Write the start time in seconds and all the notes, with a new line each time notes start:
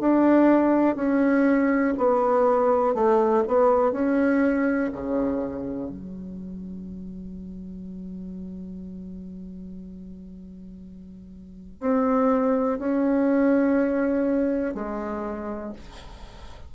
0.00 D4
0.96 C#4
1.98 B3
2.94 A3
3.47 B3
3.92 C#4
4.92 C#3
5.90 F#3
11.80 C4
12.79 C#4
14.75 G#3